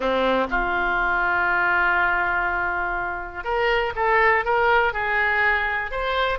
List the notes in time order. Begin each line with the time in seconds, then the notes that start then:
0.00 C4
0.50 F4
3.43 A#4
3.95 A4
4.44 A#4
4.93 G#4
5.91 C5